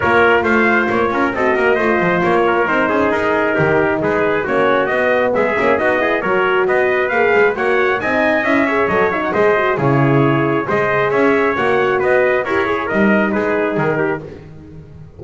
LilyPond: <<
  \new Staff \with { instrumentName = "trumpet" } { \time 4/4 \tempo 4 = 135 cis''4 f''4 cis''4 dis''4~ | dis''4 cis''4 c''4 ais'4~ | ais'4 b'4 cis''4 dis''4 | e''4 dis''4 cis''4 dis''4 |
f''4 fis''4 gis''4 e''4 | dis''8 e''16 fis''16 dis''4 cis''2 | dis''4 e''4 fis''4 dis''4 | cis''4 dis''4 b'4 ais'4 | }
  \new Staff \with { instrumentName = "trumpet" } { \time 4/4 ais'4 c''4. ais'8 a'8 ais'8 | c''4. ais'4 gis'4. | g'4 gis'4 fis'2 | gis'4 fis'8 gis'8 ais'4 b'4~ |
b'4 cis''4 dis''4. cis''8~ | cis''4 c''4 gis'2 | c''4 cis''2 b'4 | ais'8 gis'8 ais'4 gis'4. g'8 | }
  \new Staff \with { instrumentName = "horn" } { \time 4/4 f'2. fis'4 | f'2 dis'2~ | dis'2 cis'4 b4~ | b8 cis'8 dis'8 e'8 fis'2 |
gis'4 fis'4 dis'4 e'8 gis'8 | a'8 dis'8 gis'8 fis'8 e'2 | gis'2 fis'2 | g'8 gis'8 dis'2. | }
  \new Staff \with { instrumentName = "double bass" } { \time 4/4 ais4 a4 ais8 cis'8 c'8 ais8 | a8 f8 ais4 c'8 cis'8 dis'4 | dis4 gis4 ais4 b4 | gis8 ais8 b4 fis4 b4 |
ais8 gis8 ais4 c'4 cis'4 | fis4 gis4 cis2 | gis4 cis'4 ais4 b4 | e'4 g4 gis4 dis4 | }
>>